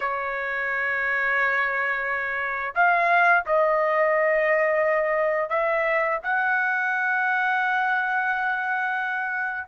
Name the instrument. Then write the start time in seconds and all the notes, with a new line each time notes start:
trumpet
0.00 C#5
2.75 F5
3.45 D#5
5.49 E5
6.23 F#5